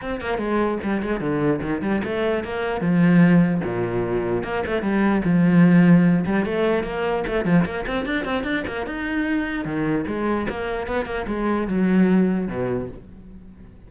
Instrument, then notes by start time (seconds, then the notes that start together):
cello
0.01 C4
0.20 A#3
0.38 G#3
0.83 G3
1.02 G#3
1.20 D3
1.61 D#3
1.81 G3
2.04 A3
2.44 A#3
2.80 F3
3.64 A#2
4.43 A#3
4.66 A3
4.81 G3
5.24 F3
6.25 G3
6.45 A3
6.83 A#3
7.27 A3
7.44 F3
7.65 A#3
7.86 C4
8.05 D4
8.24 C4
8.43 D4
8.67 A#3
8.86 D#4
9.64 D#3
10.07 G#3
10.49 A#3
10.87 B3
11.05 A#3
11.27 G#3
11.67 F#3
12.48 B2